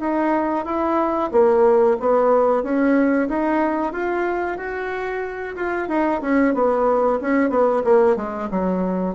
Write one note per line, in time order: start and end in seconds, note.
0.00 0.65 D#4
0.65 1.30 E4
1.32 1.97 A#3
2.00 2.63 B3
2.63 3.28 C#4
3.29 3.93 D#4
3.93 4.58 F4
4.58 5.56 F#4
5.56 5.88 F4
5.88 6.21 D#4
6.22 6.54 C#4
6.55 7.20 B3
7.21 7.50 C#4
7.50 7.83 B3
7.84 8.16 A#3
8.16 8.49 G#3
8.51 9.15 F#3